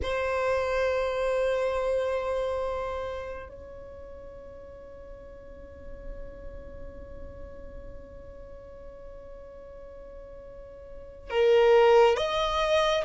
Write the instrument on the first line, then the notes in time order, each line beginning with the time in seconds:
violin
0.02 C5
3.48 C#5
11.30 A#4
12.16 D#5